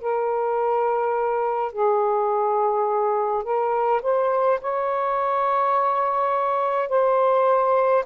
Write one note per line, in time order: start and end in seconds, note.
0.00 1.72 A#4
1.72 3.43 G#4
3.43 4.01 A#4
4.02 4.59 C5
4.60 6.89 C#5
6.89 8.04 C5